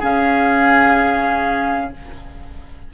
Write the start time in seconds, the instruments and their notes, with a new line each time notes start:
0.00 bassoon C#3, clarinet C#4, oboe G#4, flute F5